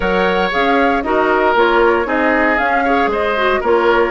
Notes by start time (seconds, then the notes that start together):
0.00 F#3 A#4 C#5 F#5
0.51 C#4 G#4 F5
1.02 D#4 F#4 A#4 D#5
1.55 A#3 F4 C#5
2.05 C4 D#4 G#4 D#5
2.57 C#4 F5
2.83 G#4 C#5
3.07 G#3 C5 D#5
3.36 F#4
3.60 A#3 F4 A#4 C#5